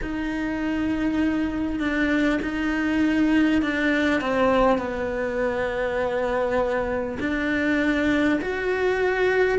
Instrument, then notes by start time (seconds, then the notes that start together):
cello
0.02 D#4
1.79 D4
2.42 D#4
3.62 D4
4.20 C4
4.77 B3
7.19 D4
8.41 F#4